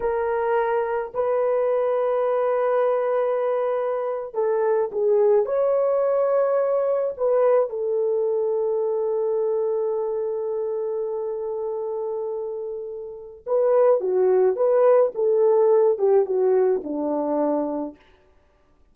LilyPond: \new Staff \with { instrumentName = "horn" } { \time 4/4 \tempo 4 = 107 ais'2 b'2~ | b'2.~ b'8. a'16~ | a'8. gis'4 cis''2~ cis''16~ | cis''8. b'4 a'2~ a'16~ |
a'1~ | a'1 | b'4 fis'4 b'4 a'4~ | a'8 g'8 fis'4 d'2 | }